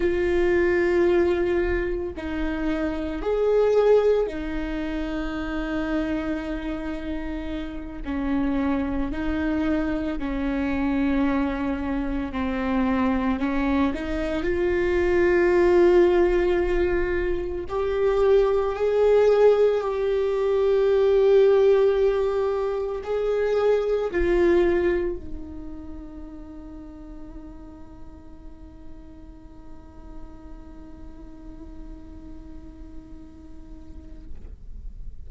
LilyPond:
\new Staff \with { instrumentName = "viola" } { \time 4/4 \tempo 4 = 56 f'2 dis'4 gis'4 | dis'2.~ dis'8 cis'8~ | cis'8 dis'4 cis'2 c'8~ | c'8 cis'8 dis'8 f'2~ f'8~ |
f'8 g'4 gis'4 g'4.~ | g'4. gis'4 f'4 dis'8~ | dis'1~ | dis'1 | }